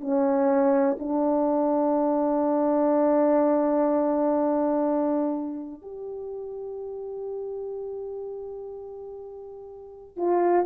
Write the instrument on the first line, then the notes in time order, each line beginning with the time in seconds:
horn
0.00 C#4
0.99 D4
5.82 G4
10.17 F4